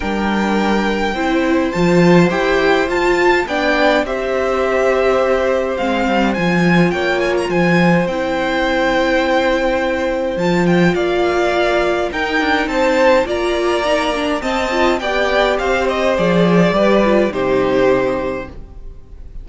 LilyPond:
<<
  \new Staff \with { instrumentName = "violin" } { \time 4/4 \tempo 4 = 104 g''2. a''4 | g''4 a''4 g''4 e''4~ | e''2 f''4 gis''4 | g''8 gis''16 ais''16 gis''4 g''2~ |
g''2 a''8 g''8 f''4~ | f''4 g''4 a''4 ais''4~ | ais''4 a''4 g''4 f''8 dis''8 | d''2 c''2 | }
  \new Staff \with { instrumentName = "violin" } { \time 4/4 ais'2 c''2~ | c''2 d''4 c''4~ | c''1 | cis''4 c''2.~ |
c''2. d''4~ | d''4 ais'4 c''4 d''4~ | d''4 dis''4 d''4 c''4~ | c''4 b'4 g'2 | }
  \new Staff \with { instrumentName = "viola" } { \time 4/4 d'2 e'4 f'4 | g'4 f'4 d'4 g'4~ | g'2 c'4 f'4~ | f'2 e'2~ |
e'2 f'2~ | f'4 dis'2 f'4 | dis'8 d'8 c'8 f'8 g'2 | gis'4 g'8 f'8 dis'2 | }
  \new Staff \with { instrumentName = "cello" } { \time 4/4 g2 c'4 f4 | e'4 f'4 b4 c'4~ | c'2 gis8 g8 f4 | ais4 f4 c'2~ |
c'2 f4 ais4~ | ais4 dis'8 d'8 c'4 ais4~ | ais4 c'4 b4 c'4 | f4 g4 c2 | }
>>